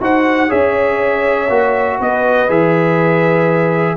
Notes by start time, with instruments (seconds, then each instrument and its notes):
0.00 tuba D#4, trombone F#4, horn C5, trumpet F#5
0.48 tuba C#4, trombone G#4, horn C#5, trumpet E5
1.49 tuba A#3, trombone F#4
1.98 tuba B3, horn B4, trumpet D#5
2.48 tuba E3, trombone G#4, trumpet E5